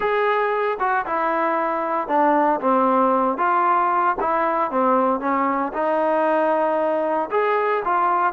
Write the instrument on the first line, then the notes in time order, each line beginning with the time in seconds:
trombone
0.00 G#4
0.79 F#4
1.06 E4
2.08 D4
2.60 C4
3.37 F4
4.20 E4
4.71 C4
5.20 C#4
5.73 D#4
7.30 G#4
7.84 F4